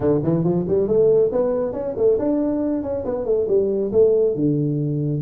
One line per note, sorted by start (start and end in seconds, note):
0.00 0.21 D3
0.23 0.44 E3
0.44 0.65 F3
0.67 0.87 G3
0.87 1.30 A3
1.32 1.73 B3
1.73 1.94 C#4
1.96 2.18 A3
2.19 2.82 D4
2.82 3.04 C#4
3.05 3.25 B3
3.25 3.47 A3
3.48 3.91 G3
3.92 4.35 A3
4.35 5.22 D3